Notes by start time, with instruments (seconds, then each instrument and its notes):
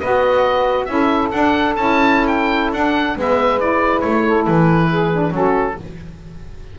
0.00 double bass B3, saxophone F#4 B4, oboe D#5
0.85 double bass C#4, saxophone E4, oboe E5
0.92 saxophone A4
1.31 saxophone D4, double bass D4, oboe F#5
1.76 double bass C#4, saxophone E4, oboe A5
2.27 oboe G5
2.73 double bass D4, saxophone D4, oboe F#5
3.16 double bass G#3, saxophone B3 B4, oboe E5
3.59 saxophone E4, oboe D5
4.01 double bass A3, oboe C#5
4.26 saxophone A4
4.46 double bass E3, oboe B4
4.89 saxophone G#4
5.12 saxophone D4
5.31 double bass F#3, saxophone C#4 F#4, oboe A4